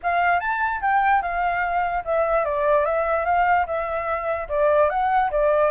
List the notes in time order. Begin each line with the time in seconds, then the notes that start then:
0.03 F5
0.40 A5
0.81 G5
1.22 F5
2.04 E5
2.44 D5
2.85 E5
3.25 F5
3.66 E5
4.48 D5
4.89 F#5
5.30 D5